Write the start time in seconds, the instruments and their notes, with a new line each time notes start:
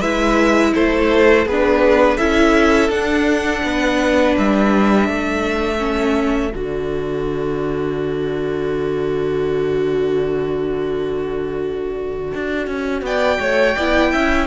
0.00 cello G#3, viola E4, violin B4 E5
0.75 cello A3, violin A4 C5
1.45 cello B3, viola D4, violin G#4 B4
2.17 cello C#4, viola E4, violin A4 E5
2.89 cello D4, viola D4, violin F#5
3.63 cello B3, violin B4
4.38 cello G3, violin E5
5.08 cello A3, violin A4
5.78 viola C#4
6.54 cello D3, viola F#4, violin D5
12.34 cello D4
12.67 cello C#4
13.02 cello B3, violin D5 G5
13.40 cello A3, violin C#5
13.75 cello B3, viola E4, violin D5
14.12 cello C#4, violin E5